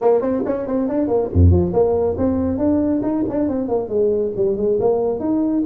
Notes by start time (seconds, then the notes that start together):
0.01 A#3
0.21 C4
0.45 C#4
0.66 C4
0.88 D4
1.07 A#3
1.33 F2
1.50 F3
1.73 A#3
2.17 C4
2.58 D4
3.02 D#4
3.28 D4
3.48 C4
3.68 A#3
3.88 G#3
4.35 G3
4.57 G#3
4.80 A#3
5.19 D#4